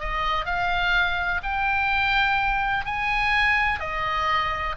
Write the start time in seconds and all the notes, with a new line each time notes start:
0.00 D#5
0.46 F5
1.43 G5
2.86 G#5
3.81 D#5